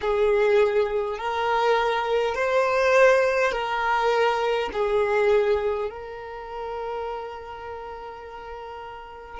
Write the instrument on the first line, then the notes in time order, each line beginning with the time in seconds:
violin
0.01 G#4
1.18 A#4
2.34 C5
3.51 A#4
4.72 G#4
5.90 A#4